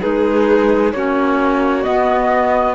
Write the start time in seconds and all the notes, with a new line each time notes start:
0.00 G#3 D#4 G#4 B4
0.92 A#3 C#4 F#4 C#5
1.83 B3 D#5